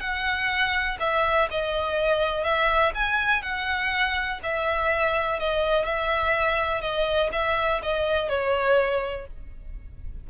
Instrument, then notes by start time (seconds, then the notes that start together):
violin
0.00 F#5
1.00 E5
1.50 D#5
2.44 E5
2.94 G#5
3.42 F#5
4.43 E5
5.39 D#5
5.85 E5
6.81 D#5
7.32 E5
7.82 D#5
8.29 C#5